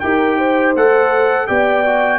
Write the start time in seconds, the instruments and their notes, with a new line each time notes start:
0.00 tuba D#4, trombone G4, horn A#4, trumpet G5
0.38 horn C5
0.75 tuba A3, trombone A4, trumpet F#5
1.47 tuba B3, trombone G4, horn D5, trumpet G5
1.86 trombone F#4